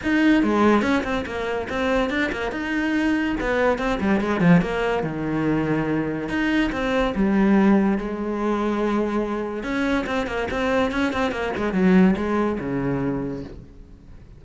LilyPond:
\new Staff \with { instrumentName = "cello" } { \time 4/4 \tempo 4 = 143 dis'4 gis4 cis'8 c'8 ais4 | c'4 d'8 ais8 dis'2 | b4 c'8 g8 gis8 f8 ais4 | dis2. dis'4 |
c'4 g2 gis4~ | gis2. cis'4 | c'8 ais8 c'4 cis'8 c'8 ais8 gis8 | fis4 gis4 cis2 | }